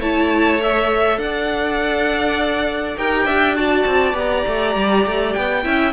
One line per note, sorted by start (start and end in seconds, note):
0.00 1.18 A3
0.00 0.61 E4
0.00 1.19 C#5
0.00 0.61 A5
0.62 2.98 A4
0.62 1.19 E5
1.18 2.96 D4
1.18 2.99 D5
1.18 2.97 F#5
2.97 3.26 D#4
2.97 3.56 G4
2.97 3.26 A#4
2.97 3.56 G5
3.26 3.85 D4
3.26 3.56 E5
3.56 4.13 F#4
3.56 5.64 D5
3.56 4.16 A5
3.86 4.14 C4
4.13 4.44 B3
4.13 5.62 G4
4.13 5.33 A#5
4.47 4.76 A3
4.76 5.06 G3
5.06 5.36 A3
5.33 5.65 B3
5.33 5.92 G5
5.63 5.93 C#4
5.63 5.93 E4
5.63 5.93 E5